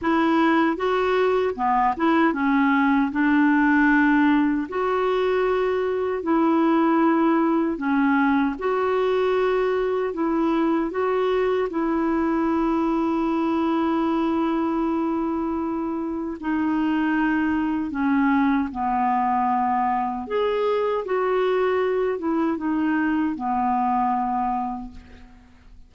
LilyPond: \new Staff \with { instrumentName = "clarinet" } { \time 4/4 \tempo 4 = 77 e'4 fis'4 b8 e'8 cis'4 | d'2 fis'2 | e'2 cis'4 fis'4~ | fis'4 e'4 fis'4 e'4~ |
e'1~ | e'4 dis'2 cis'4 | b2 gis'4 fis'4~ | fis'8 e'8 dis'4 b2 | }